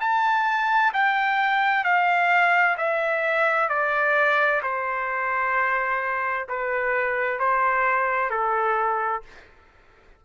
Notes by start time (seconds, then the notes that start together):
0.00 A5
0.93 G5
1.84 F5
2.77 E5
3.69 D5
4.62 C5
6.49 B4
7.39 C5
8.30 A4